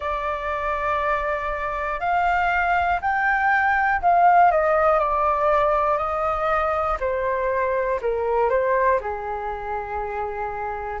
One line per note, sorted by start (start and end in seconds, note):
0.00 2.00 D5
2.00 3.00 F5
3.01 4.01 G5
4.01 4.51 F5
4.51 4.99 D#5
4.99 5.97 D5
5.97 6.97 D#5
7.00 8.00 C5
8.01 8.50 A#4
8.50 9.00 C5
9.00 11.00 G#4